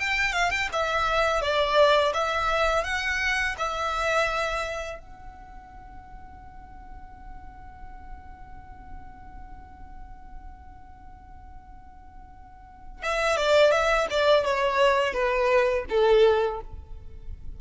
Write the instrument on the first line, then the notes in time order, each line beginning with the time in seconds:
violin
0.00 G5
0.33 F5
0.51 G5
0.73 E5
1.41 D5
2.14 E5
2.84 F#5
3.57 E5
4.99 F#5
13.03 E5
13.37 D5
13.71 E5
14.10 D5
14.45 C#5
15.14 B4
15.89 A4